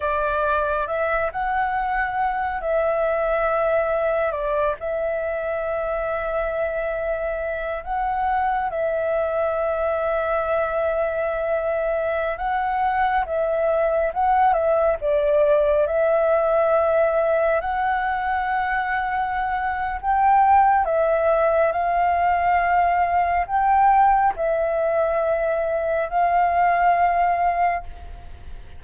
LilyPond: \new Staff \with { instrumentName = "flute" } { \time 4/4 \tempo 4 = 69 d''4 e''8 fis''4. e''4~ | e''4 d''8 e''2~ e''8~ | e''4 fis''4 e''2~ | e''2~ e''16 fis''4 e''8.~ |
e''16 fis''8 e''8 d''4 e''4.~ e''16~ | e''16 fis''2~ fis''8. g''4 | e''4 f''2 g''4 | e''2 f''2 | }